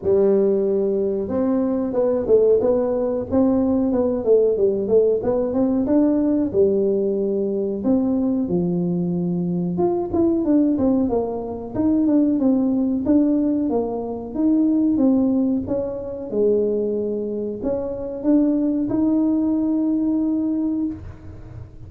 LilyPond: \new Staff \with { instrumentName = "tuba" } { \time 4/4 \tempo 4 = 92 g2 c'4 b8 a8 | b4 c'4 b8 a8 g8 a8 | b8 c'8 d'4 g2 | c'4 f2 f'8 e'8 |
d'8 c'8 ais4 dis'8 d'8 c'4 | d'4 ais4 dis'4 c'4 | cis'4 gis2 cis'4 | d'4 dis'2. | }